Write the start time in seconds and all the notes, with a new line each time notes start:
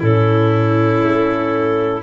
0.00 A2 C#4 E4 A4
1.01 A3